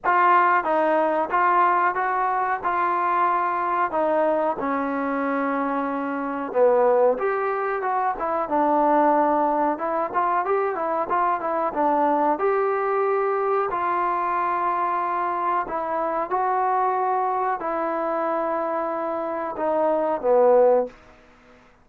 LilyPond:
\new Staff \with { instrumentName = "trombone" } { \time 4/4 \tempo 4 = 92 f'4 dis'4 f'4 fis'4 | f'2 dis'4 cis'4~ | cis'2 b4 g'4 | fis'8 e'8 d'2 e'8 f'8 |
g'8 e'8 f'8 e'8 d'4 g'4~ | g'4 f'2. | e'4 fis'2 e'4~ | e'2 dis'4 b4 | }